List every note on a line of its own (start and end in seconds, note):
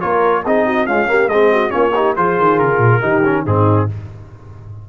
0.00 0.45 A#3
0.00 0.43 F4
0.00 0.44 A#4
0.00 0.43 C#5
0.44 0.86 C4
0.44 0.87 D#4
0.44 0.65 G#4
0.44 0.86 D#5
0.65 0.87 F#4
0.86 1.07 G#3
0.86 1.27 C#4
0.86 1.08 F4
0.86 1.28 F5
1.07 1.28 A#3
1.07 1.31 G4
1.27 1.70 G#3
1.27 1.69 C4
1.27 1.52 G#4
1.27 1.70 D#5
1.52 1.72 F#4
1.69 2.16 A#3
1.69 1.91 C#4
1.69 1.93 F4
1.69 2.13 C#5
1.95 2.16 D#4
1.95 2.16 G4
2.16 2.38 F3
2.16 3.01 F4
2.16 3.01 G#4
2.16 2.59 C5
2.38 2.59 D#3
2.59 2.78 C#3
2.59 3.44 A#4
2.78 2.99 A#2
3.01 3.45 D#3
3.01 3.22 D#4
3.01 3.44 G4
3.24 3.46 C#4
3.44 3.89 G#2
3.44 3.89 C4
3.44 3.87 D#4
3.44 3.89 G#4